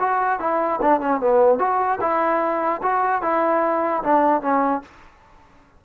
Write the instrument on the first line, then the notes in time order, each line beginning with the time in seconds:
trombone
0.00 F#4
0.40 E4
0.82 D4
1.01 C#4
1.21 B3
1.59 F#4
2.01 E4
2.83 F#4
3.23 E4
4.04 D4
4.42 C#4